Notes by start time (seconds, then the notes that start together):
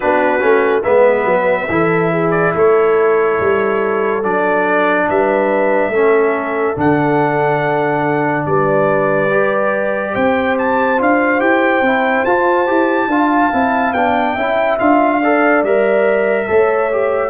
0.00 B3 D4 F#4 B4
0.40 A3 C#4
0.83 G#3 B3 B4 E5
1.24 F#3
1.68 E3 E4 A4
2.11 G#4
2.30 D5
2.54 A3 A4 C#5
3.39 G3
4.23 F#3 D4 D5
5.08 G3 B4 E5
5.89 A3 C#4 A4
6.75 D3 D4 F#5
8.45 G3 B4 D5
9.30 G4
10.12 C4 C5 G5
10.58 A5
10.97 D4 F4 F5
11.39 E4 G4 G5
11.81 C4 E4
12.24 F4 A5
12.66 E4 G4
13.07 D4 F4 F5
13.52 C4 E4
13.93 B3 D4 G5
14.35 C#4 E4 E5
14.79 D4 F4 F5
15.21 A4 D5
15.62 G3 A#4 E5
16.48 A3 A4 C#5
16.91 G4